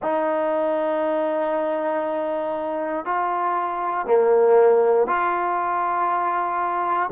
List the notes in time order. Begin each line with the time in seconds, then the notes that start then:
0.02 D#4
3.05 F4
4.06 A#3
5.06 F4